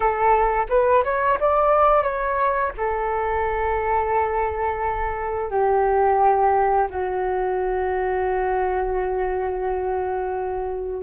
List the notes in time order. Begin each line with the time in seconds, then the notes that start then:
0.00 A4
0.69 B4
1.03 C#5
1.40 D5
2.03 C#5
2.77 A4
5.50 G4
6.90 F#4